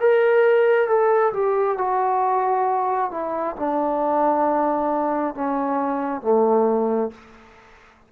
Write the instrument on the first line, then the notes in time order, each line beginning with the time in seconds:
trombone
0.00 A#4
0.88 A4
1.33 G4
1.78 F#4
3.11 E4
3.56 D4
5.35 C#4
6.22 A3